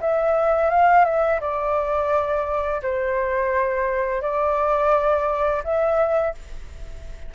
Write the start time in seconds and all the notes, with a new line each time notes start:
0.00 E5
0.70 F5
1.05 E5
1.40 D5
2.82 C5
4.21 D5
5.64 E5